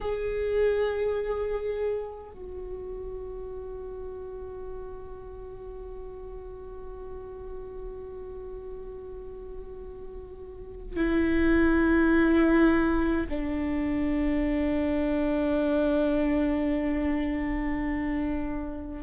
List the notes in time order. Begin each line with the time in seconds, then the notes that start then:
0.01 G#4
2.31 F#4
10.96 E4
13.29 D4